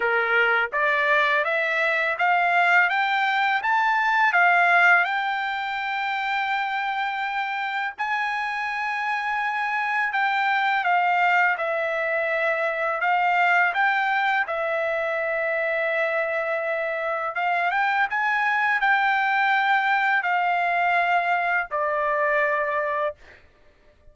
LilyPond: \new Staff \with { instrumentName = "trumpet" } { \time 4/4 \tempo 4 = 83 ais'4 d''4 e''4 f''4 | g''4 a''4 f''4 g''4~ | g''2. gis''4~ | gis''2 g''4 f''4 |
e''2 f''4 g''4 | e''1 | f''8 g''8 gis''4 g''2 | f''2 d''2 | }